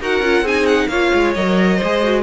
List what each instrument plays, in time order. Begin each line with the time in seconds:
0.00 cello D#4, viola F#4, violin A#4 F#5
0.20 cello C#4, viola F4
0.41 cello C4, viola D#4, violin G#4
0.47 violin G#5
0.66 violin F#5
0.88 cello A#3, viola F4, violin C#5 F5
1.14 cello G#3
1.34 cello F#3, viola A#4, violin D#5
1.76 violin C5
1.83 cello G#3, viola G#4
2.03 viola F#4